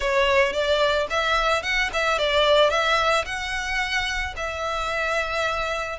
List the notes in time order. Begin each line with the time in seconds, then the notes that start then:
0.00 C#5
0.52 D5
1.10 E5
1.62 F#5
1.93 E5
2.18 D5
2.70 E5
3.25 F#5
4.36 E5